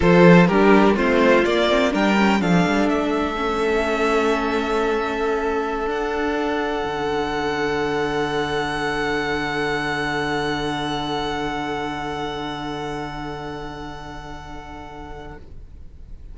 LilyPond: <<
  \new Staff \with { instrumentName = "violin" } { \time 4/4 \tempo 4 = 125 c''4 ais'4 c''4 d''4 | g''4 f''4 e''2~ | e''1~ | e''16 fis''2.~ fis''8.~ |
fis''1~ | fis''1~ | fis''1~ | fis''1 | }
  \new Staff \with { instrumentName = "violin" } { \time 4/4 a'4 g'4 f'2 | ais'4 a'2.~ | a'1~ | a'1~ |
a'1~ | a'1~ | a'1~ | a'1 | }
  \new Staff \with { instrumentName = "viola" } { \time 4/4 f'4 d'4 c'4 ais8 c'8 | d'8 cis'8 d'2 cis'4~ | cis'1~ | cis'16 d'2.~ d'8.~ |
d'1~ | d'1~ | d'1~ | d'1 | }
  \new Staff \with { instrumentName = "cello" } { \time 4/4 f4 g4 a4 ais4 | g4 f8 g8 a2~ | a1~ | a16 d'2 d4.~ d16~ |
d1~ | d1~ | d1~ | d1 | }
>>